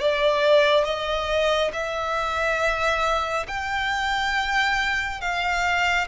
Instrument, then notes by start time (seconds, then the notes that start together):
violin
0.00 D5
0.84 D#5
1.73 E5
3.47 G5
5.21 F5